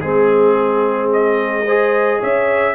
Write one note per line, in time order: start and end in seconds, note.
0.00 2.19 G#3
0.00 1.65 C4
0.00 1.09 G#4
0.00 1.64 G#4
1.12 2.22 D#5
1.64 2.74 G#4
1.64 2.19 C5
2.19 2.74 C#4
2.19 2.74 C#5
2.19 2.74 E5